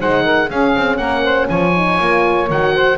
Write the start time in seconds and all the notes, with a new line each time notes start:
0.00 G#3 D#4 C5 F#5
0.24 A#4
0.47 C#4 G#4 F5
0.76 C4
0.97 A#3 A#4 F#5
1.24 C5
1.49 F3 C#5 G#5
1.76 D#4
1.98 A#3 F4
2.50 D#3 F#4 F#5
2.74 C5